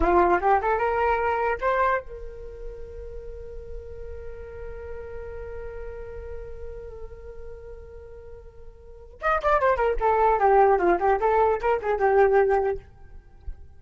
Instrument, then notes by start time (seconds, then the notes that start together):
flute
0.00 F4
0.40 G4
0.61 A4
0.78 A#4
1.60 C5
2.01 A#4
9.21 D#5
9.42 D5
9.60 C5
9.76 A#4
10.00 A4
10.39 G4
10.79 F4
10.99 G4
11.20 A4
11.60 A#4
11.82 G#4
11.99 G4